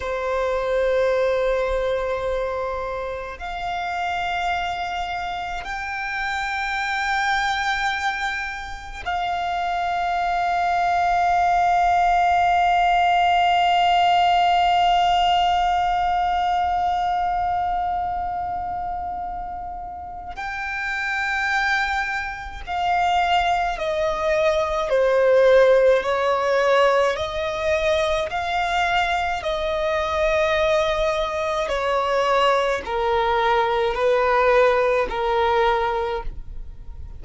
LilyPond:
\new Staff \with { instrumentName = "violin" } { \time 4/4 \tempo 4 = 53 c''2. f''4~ | f''4 g''2. | f''1~ | f''1~ |
f''2 g''2 | f''4 dis''4 c''4 cis''4 | dis''4 f''4 dis''2 | cis''4 ais'4 b'4 ais'4 | }